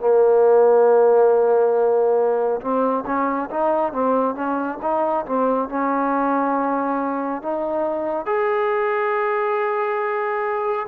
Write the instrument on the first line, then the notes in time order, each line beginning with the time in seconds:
trombone
0.00 A#3
2.61 C4
3.06 C#4
3.51 D#4
3.93 C4
4.36 C#4
4.82 D#4
5.26 C4
5.69 C#4
7.43 D#4
8.26 G#4